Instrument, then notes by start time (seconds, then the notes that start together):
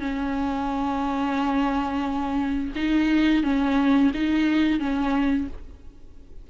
viola
0.00 C#4
2.76 D#4
3.43 C#4
4.14 D#4
4.80 C#4